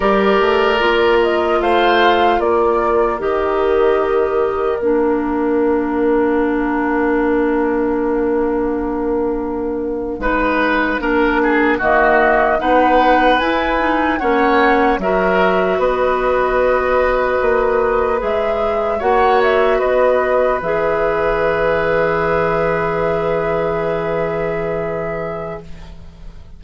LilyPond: <<
  \new Staff \with { instrumentName = "flute" } { \time 4/4 \tempo 4 = 75 d''4. dis''8 f''4 d''4 | dis''2 f''2~ | f''1~ | f''2~ f''8. dis''4 fis''16~ |
fis''8. gis''4 fis''4 e''4 dis''16~ | dis''2~ dis''8. e''4 fis''16~ | fis''16 e''8 dis''4 e''2~ e''16~ | e''1 | }
  \new Staff \with { instrumentName = "oboe" } { \time 4/4 ais'2 c''4 ais'4~ | ais'1~ | ais'1~ | ais'8. b'4 ais'8 gis'8 fis'4 b'16~ |
b'4.~ b'16 cis''4 ais'4 b'16~ | b'2.~ b'8. cis''16~ | cis''8. b'2.~ b'16~ | b'1 | }
  \new Staff \with { instrumentName = "clarinet" } { \time 4/4 g'4 f'2. | g'2 d'2~ | d'1~ | d'8. dis'4 d'4 ais4 dis'16~ |
dis'8. e'8 dis'8 cis'4 fis'4~ fis'16~ | fis'2~ fis'8. gis'4 fis'16~ | fis'4.~ fis'16 gis'2~ gis'16~ | gis'1 | }
  \new Staff \with { instrumentName = "bassoon" } { \time 4/4 g8 a8 ais4 a4 ais4 | dis2 ais2~ | ais1~ | ais8. gis4 ais4 dis4 b16~ |
b8. e'4 ais4 fis4 b16~ | b4.~ b16 ais4 gis4 ais16~ | ais8. b4 e2~ e16~ | e1 | }
>>